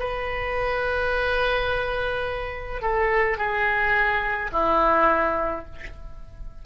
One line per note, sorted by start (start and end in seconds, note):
0.00 2.82 B4
2.82 3.38 A4
3.38 4.51 G#4
4.52 5.66 E4